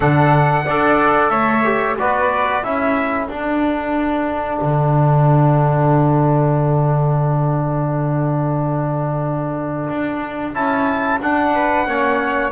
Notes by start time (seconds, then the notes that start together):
0.00 D3 D4 A4 F#5
0.65 D4 A4 D5
1.29 A3 C#5 E5
1.63 G4
1.97 B3 F#4 B4 D5
2.62 C#4 E4 A4 E5
3.26 D4 F#5
4.61 D3
9.89 D4
10.54 C#4 E4 A5
11.20 D4 F#5
11.53 B4
11.85 A#3 C#4 C#5